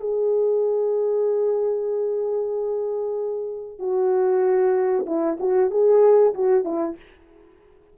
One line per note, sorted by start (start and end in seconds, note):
0.00 3.79 G#4
3.79 5.05 F#4
5.06 5.38 E4
5.40 5.70 F#4
5.70 6.34 G#4
6.34 6.65 F#4
6.65 6.96 E4